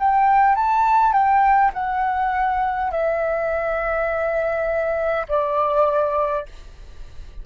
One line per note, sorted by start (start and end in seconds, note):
0.00 0.56 G5
0.56 1.13 A5
1.13 1.72 G5
1.74 2.91 F#5
2.91 5.27 E5
5.28 6.46 D5